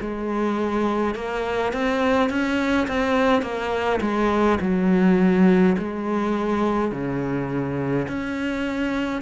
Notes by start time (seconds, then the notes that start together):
0.00 G#3
1.14 A#3
1.73 C4
2.29 C#4
2.87 C4
3.42 A#3
4.00 G#3
4.60 F#3
5.78 G#3
6.91 C#3
8.08 C#4